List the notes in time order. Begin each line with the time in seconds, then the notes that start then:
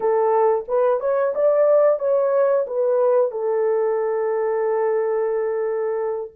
0.00 A4
0.68 B4
1.00 C#5
1.35 D5
1.99 C#5
2.66 B4
3.31 A4